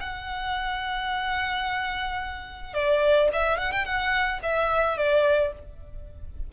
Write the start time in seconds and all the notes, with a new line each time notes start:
0.00 F#5
2.74 D5
3.33 E5
3.58 F#5
3.72 G5
3.85 F#5
4.42 E5
4.97 D5